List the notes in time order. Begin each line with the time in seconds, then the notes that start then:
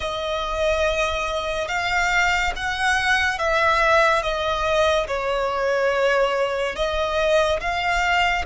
0.00 D#5
1.68 F5
2.56 F#5
3.38 E5
4.22 D#5
5.07 C#5
6.75 D#5
7.60 F5